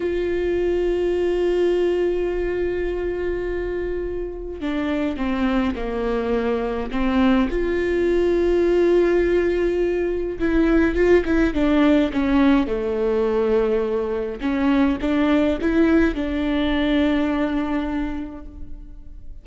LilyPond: \new Staff \with { instrumentName = "viola" } { \time 4/4 \tempo 4 = 104 f'1~ | f'1 | d'4 c'4 ais2 | c'4 f'2.~ |
f'2 e'4 f'8 e'8 | d'4 cis'4 a2~ | a4 cis'4 d'4 e'4 | d'1 | }